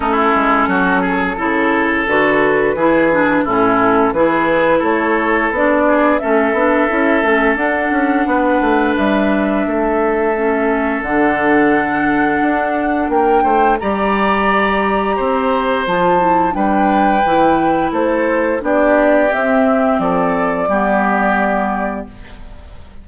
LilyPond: <<
  \new Staff \with { instrumentName = "flute" } { \time 4/4 \tempo 4 = 87 a'2. b'4~ | b'4 a'4 b'4 cis''4 | d''4 e''2 fis''4~ | fis''4 e''2. |
fis''2. g''4 | ais''2. a''4 | g''2 c''4 d''4 | e''4 d''2. | }
  \new Staff \with { instrumentName = "oboe" } { \time 4/4 e'4 fis'8 gis'8 a'2 | gis'4 e'4 gis'4 a'4~ | a'8 gis'8 a'2. | b'2 a'2~ |
a'2. ais'8 c''8 | d''2 c''2 | b'2 a'4 g'4~ | g'4 a'4 g'2 | }
  \new Staff \with { instrumentName = "clarinet" } { \time 4/4 cis'2 e'4 fis'4 | e'8 d'8 cis'4 e'2 | d'4 cis'8 d'8 e'8 cis'8 d'4~ | d'2. cis'4 |
d'1 | g'2. f'8 e'8 | d'4 e'2 d'4 | c'2 b2 | }
  \new Staff \with { instrumentName = "bassoon" } { \time 4/4 a8 gis8 fis4 cis4 d4 | e4 a,4 e4 a4 | b4 a8 b8 cis'8 a8 d'8 cis'8 | b8 a8 g4 a2 |
d2 d'4 ais8 a8 | g2 c'4 f4 | g4 e4 a4 b4 | c'4 f4 g2 | }
>>